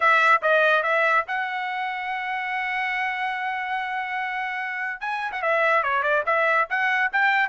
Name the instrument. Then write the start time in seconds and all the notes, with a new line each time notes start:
trumpet
0.00 E5
0.42 D#5
0.82 E5
1.27 F#5
5.00 G#5
5.32 F#5
5.42 E5
5.83 C#5
6.02 D5
6.26 E5
6.69 F#5
7.12 G5